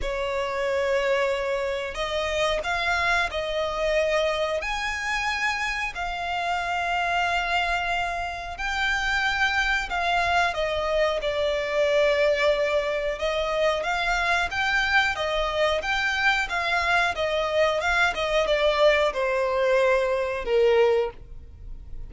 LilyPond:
\new Staff \with { instrumentName = "violin" } { \time 4/4 \tempo 4 = 91 cis''2. dis''4 | f''4 dis''2 gis''4~ | gis''4 f''2.~ | f''4 g''2 f''4 |
dis''4 d''2. | dis''4 f''4 g''4 dis''4 | g''4 f''4 dis''4 f''8 dis''8 | d''4 c''2 ais'4 | }